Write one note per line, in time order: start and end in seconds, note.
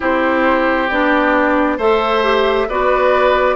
0.00 0.90 C4
0.00 0.88 E4
0.00 1.77 G4
0.00 0.89 C5
0.89 1.78 B3
0.89 1.79 D4
0.89 1.78 D5
1.77 2.67 A3
1.77 2.23 A4
1.77 2.67 C5
1.77 2.69 E5
2.23 2.68 G4
2.68 3.56 B3
2.68 3.56 F#4
2.68 3.56 B4
2.68 3.56 D5